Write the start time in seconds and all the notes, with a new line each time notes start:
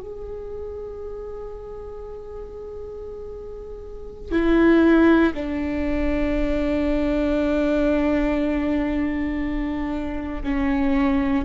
0.00 G#4
4.31 E4
5.34 D4
10.43 C#4